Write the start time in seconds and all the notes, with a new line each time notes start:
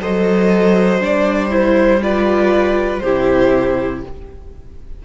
0.00 F#3 A4 C5 D#5
1.00 G3 D4 D5
1.50 E4 C5
2.01 F4 B4 D5
2.99 C3 E4 G4 C5